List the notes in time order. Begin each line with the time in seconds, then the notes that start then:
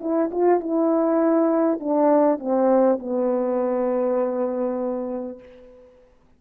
0.00 E4
0.32 F4
0.61 E4
1.80 D4
2.39 C4
2.99 B3